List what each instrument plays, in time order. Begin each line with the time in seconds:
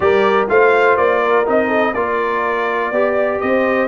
0.00 tuba G3, trombone G4, horn A#4, trumpet D5
0.48 tuba A3, trombone F4, horn C5, trumpet F5
0.97 tuba A#3, trumpet D5
1.19 horn A#4
1.45 tuba C4, trombone D#4, trumpet D#5
1.67 horn A4
1.93 tuba A#3, trombone F4, horn A#4, trumpet D5
2.91 tuba B3, trombone G4, horn D5
3.40 tuba C4, horn C5, trumpet D#5